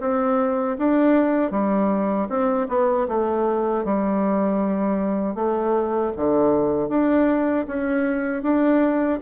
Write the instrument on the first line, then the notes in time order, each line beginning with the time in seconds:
bassoon
0.00 C4
0.78 D4
1.51 G3
2.29 C4
2.68 B3
3.08 A3
3.84 G3
5.35 A3
6.16 D3
6.89 D4
7.67 C#4
8.42 D4